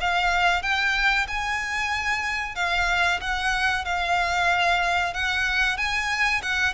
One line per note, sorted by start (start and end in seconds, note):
0.00 0.62 F5
0.62 1.27 G5
1.28 2.55 G#5
2.55 3.20 F5
3.21 3.85 F#5
3.85 5.13 F5
5.13 5.77 F#5
5.77 6.41 G#5
6.42 6.74 F#5